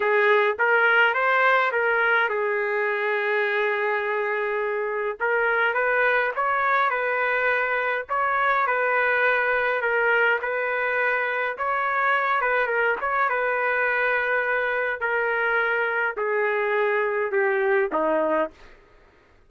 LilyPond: \new Staff \with { instrumentName = "trumpet" } { \time 4/4 \tempo 4 = 104 gis'4 ais'4 c''4 ais'4 | gis'1~ | gis'4 ais'4 b'4 cis''4 | b'2 cis''4 b'4~ |
b'4 ais'4 b'2 | cis''4. b'8 ais'8 cis''8 b'4~ | b'2 ais'2 | gis'2 g'4 dis'4 | }